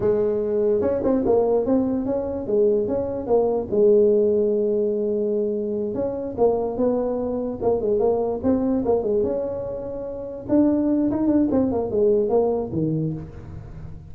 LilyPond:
\new Staff \with { instrumentName = "tuba" } { \time 4/4 \tempo 4 = 146 gis2 cis'8 c'8 ais4 | c'4 cis'4 gis4 cis'4 | ais4 gis2.~ | gis2~ gis8 cis'4 ais8~ |
ais8 b2 ais8 gis8 ais8~ | ais8 c'4 ais8 gis8 cis'4.~ | cis'4. d'4. dis'8 d'8 | c'8 ais8 gis4 ais4 dis4 | }